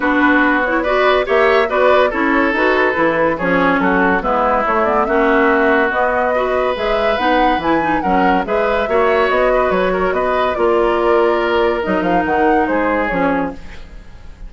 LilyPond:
<<
  \new Staff \with { instrumentName = "flute" } { \time 4/4 \tempo 4 = 142 b'4. cis''8 d''4 e''4 | d''4 cis''4 b'2 | cis''4 a'4 b'4 cis''8 d''8 | e''2 dis''2 |
e''4 fis''4 gis''4 fis''4 | e''2 dis''4 cis''4 | dis''4 d''2. | dis''8 f''8 fis''4 c''4 cis''4 | }
  \new Staff \with { instrumentName = "oboe" } { \time 4/4 fis'2 b'4 cis''4 | b'4 a'2. | gis'4 fis'4 e'2 | fis'2. b'4~ |
b'2. ais'4 | b'4 cis''4. b'4 ais'8 | b'4 ais'2.~ | ais'2 gis'2 | }
  \new Staff \with { instrumentName = "clarinet" } { \time 4/4 d'4. e'8 fis'4 g'4 | fis'4 e'4 fis'4 e'4 | cis'2 b4 a8 b8 | cis'2 b4 fis'4 |
gis'4 dis'4 e'8 dis'8 cis'4 | gis'4 fis'2.~ | fis'4 f'2. | dis'2. cis'4 | }
  \new Staff \with { instrumentName = "bassoon" } { \time 4/4 b2. ais4 | b4 cis'4 dis'4 e4 | f4 fis4 gis4 a4 | ais2 b2 |
gis4 b4 e4 fis4 | gis4 ais4 b4 fis4 | b4 ais2. | fis8 f8 dis4 gis4 f4 | }
>>